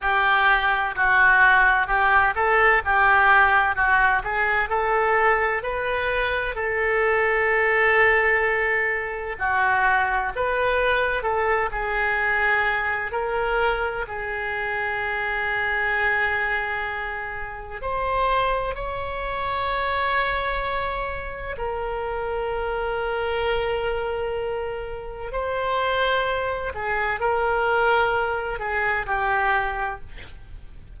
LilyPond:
\new Staff \with { instrumentName = "oboe" } { \time 4/4 \tempo 4 = 64 g'4 fis'4 g'8 a'8 g'4 | fis'8 gis'8 a'4 b'4 a'4~ | a'2 fis'4 b'4 | a'8 gis'4. ais'4 gis'4~ |
gis'2. c''4 | cis''2. ais'4~ | ais'2. c''4~ | c''8 gis'8 ais'4. gis'8 g'4 | }